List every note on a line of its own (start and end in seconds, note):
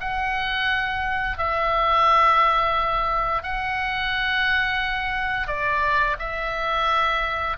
0.00 1.38 F#5
1.38 3.43 E5
3.43 5.47 F#5
5.47 6.16 D5
6.19 7.57 E5